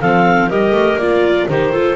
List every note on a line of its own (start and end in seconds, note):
0.00 0.49 F3
0.00 0.50 C4
0.00 0.48 A4
0.00 0.49 F5
0.48 0.71 G3
0.48 0.99 G4
0.48 1.47 A#4
0.48 0.98 D#5
0.71 0.96 A3
0.97 1.46 A#3
0.97 1.49 F4
0.97 1.48 D5
1.48 1.95 D#3
1.48 1.72 D#4
1.48 1.71 G4
1.48 1.95 C5
1.71 1.95 F4
1.71 1.95 A4